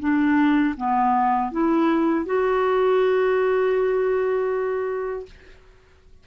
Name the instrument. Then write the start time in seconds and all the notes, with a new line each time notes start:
clarinet
0.00 D4
0.77 B3
1.52 E4
2.26 F#4